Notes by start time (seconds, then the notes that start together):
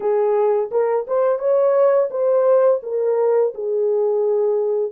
0.00 G#4
0.71 A#4
1.07 C5
1.38 C#5
2.10 C5
2.82 A#4
3.54 G#4